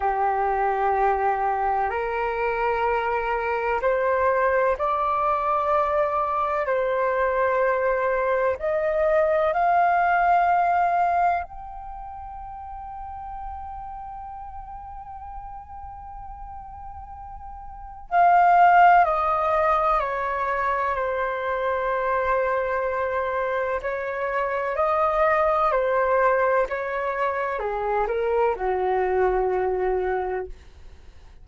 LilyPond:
\new Staff \with { instrumentName = "flute" } { \time 4/4 \tempo 4 = 63 g'2 ais'2 | c''4 d''2 c''4~ | c''4 dis''4 f''2 | g''1~ |
g''2. f''4 | dis''4 cis''4 c''2~ | c''4 cis''4 dis''4 c''4 | cis''4 gis'8 ais'8 fis'2 | }